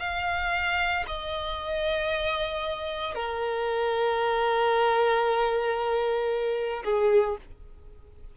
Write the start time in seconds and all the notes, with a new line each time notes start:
0.00 F5
1.07 D#5
3.15 A#4
6.84 G#4